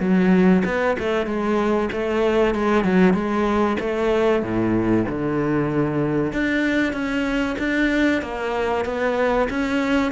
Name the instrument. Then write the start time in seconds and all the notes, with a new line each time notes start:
cello
0.00 F#3
0.65 B3
0.99 A3
1.26 G#3
1.92 A3
2.55 G#3
2.84 F#3
3.14 G#3
3.80 A3
4.43 A2
5.09 D3
6.33 D4
6.93 C#4
7.59 D4
8.22 A#3
8.85 B3
9.50 C#4